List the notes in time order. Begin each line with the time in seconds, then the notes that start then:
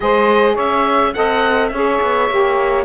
0.00 G#3 G#4 C5 D#5
0.54 C#4 C#5 E5
1.13 C4 A4 D#5 F#5
1.68 C#4 C#5 E5
1.74 G#4
2.01 B3
2.30 A#3 G4